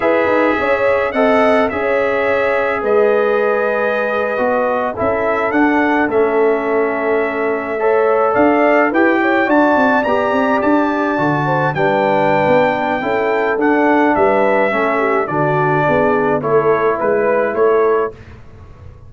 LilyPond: <<
  \new Staff \with { instrumentName = "trumpet" } { \time 4/4 \tempo 4 = 106 e''2 fis''4 e''4~ | e''4 dis''2.~ | dis''8. e''4 fis''4 e''4~ e''16~ | e''2~ e''8. f''4 g''16~ |
g''8. a''4 ais''4 a''4~ a''16~ | a''8. g''2.~ g''16 | fis''4 e''2 d''4~ | d''4 cis''4 b'4 cis''4 | }
  \new Staff \with { instrumentName = "horn" } { \time 4/4 b'4 cis''4 dis''4 cis''4~ | cis''4 b'2.~ | b'8. a'2.~ a'16~ | a'4.~ a'16 cis''4 d''4 b'16~ |
b'16 cis''8 d''2.~ d''16~ | d''16 c''8 b'2~ b'16 a'4~ | a'4 b'4 a'8 g'8 fis'4 | gis'4 a'4 b'4 a'4 | }
  \new Staff \with { instrumentName = "trombone" } { \time 4/4 gis'2 a'4 gis'4~ | gis'2.~ gis'8. fis'16~ | fis'8. e'4 d'4 cis'4~ cis'16~ | cis'4.~ cis'16 a'2 g'16~ |
g'8. fis'4 g'2 fis'16~ | fis'8. d'2~ d'16 e'4 | d'2 cis'4 d'4~ | d'4 e'2. | }
  \new Staff \with { instrumentName = "tuba" } { \time 4/4 e'8 dis'8 cis'4 c'4 cis'4~ | cis'4 gis2~ gis8. b16~ | b8. cis'4 d'4 a4~ a16~ | a2~ a8. d'4 e'16~ |
e'8. d'8 c'8 b8 c'8 d'4 d16~ | d8. g4~ g16 b4 cis'4 | d'4 g4 a4 d4 | b4 a4 gis4 a4 | }
>>